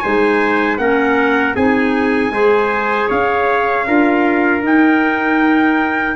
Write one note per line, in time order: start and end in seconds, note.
0.00 0.78 G#3
0.00 0.79 D#4
0.00 0.80 C5
0.00 0.77 G#5
0.78 1.55 A#3
0.78 1.56 C#4
0.78 1.56 A#4
0.78 1.55 F#5
1.56 2.31 C4
1.56 2.33 D#4
1.56 2.33 G#4
1.56 3.10 G#5
2.31 3.08 G#3
2.31 3.87 G#4
2.31 3.08 C5
3.08 3.88 C#4
3.08 3.85 C#5
3.08 4.65 F5
3.87 4.63 D4
3.87 4.62 F4
3.87 6.17 A#4
4.62 6.16 D#4
4.62 6.17 D#4
4.62 6.17 G5